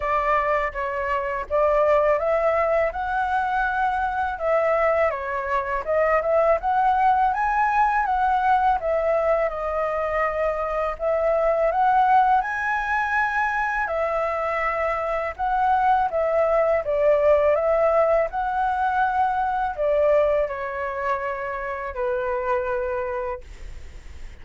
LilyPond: \new Staff \with { instrumentName = "flute" } { \time 4/4 \tempo 4 = 82 d''4 cis''4 d''4 e''4 | fis''2 e''4 cis''4 | dis''8 e''8 fis''4 gis''4 fis''4 | e''4 dis''2 e''4 |
fis''4 gis''2 e''4~ | e''4 fis''4 e''4 d''4 | e''4 fis''2 d''4 | cis''2 b'2 | }